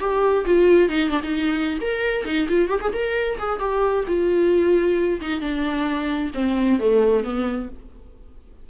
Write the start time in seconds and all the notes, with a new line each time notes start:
0.00 G4
0.46 F4
0.89 D#4
1.10 D4
1.23 D#4
1.81 A#4
2.25 D#4
2.49 F4
2.69 G4
2.81 G#4
2.93 A#4
3.39 G#4
3.59 G4
4.08 F4
5.21 D#4
5.41 D4
6.35 C4
6.80 A3
7.24 B3